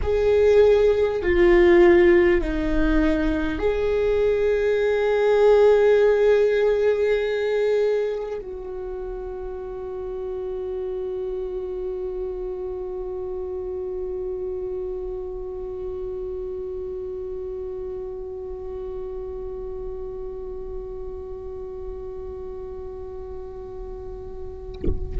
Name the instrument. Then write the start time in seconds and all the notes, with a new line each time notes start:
viola
0.02 G#4
1.22 F4
2.41 D#4
3.58 G#4
8.41 F#4